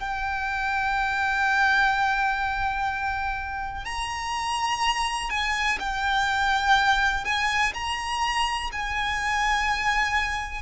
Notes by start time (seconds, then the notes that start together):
0.00 G5
3.86 A#5
5.30 G#5
5.80 G5
7.25 G#5
7.74 A#5
8.73 G#5